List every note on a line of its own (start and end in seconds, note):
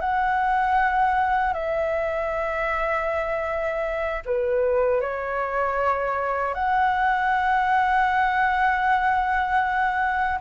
0.00 1.53 F#5
1.53 4.22 E5
4.25 5.01 B4
5.01 6.54 C#5
6.54 10.38 F#5